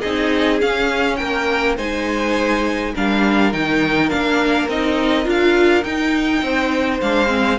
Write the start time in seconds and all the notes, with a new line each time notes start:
0.00 C4 D#4 G#4 D#5
0.60 C#4 F5
1.16 A#3 A#4 G5
1.76 G#3 D#4 C5 G#5
2.94 G3 D4 A#4 F5
3.52 D#3 D#4 G5
4.09 A#3 D4 F5
4.68 C4 D#4 D#5
5.24 D4 F4 F5
5.83 D#4 G5
6.42 C4 C5
7.00 G#3 D4 F5
7.27 C4